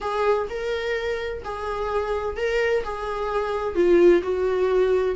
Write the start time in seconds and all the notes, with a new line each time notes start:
0.00 G#4
0.49 A#4
1.44 G#4
2.36 A#4
2.84 G#4
3.75 F4
4.22 F#4